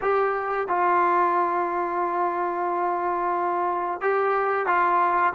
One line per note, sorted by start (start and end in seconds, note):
0.01 0.68 G4
0.68 4.01 F4
4.01 4.66 G4
4.66 5.33 F4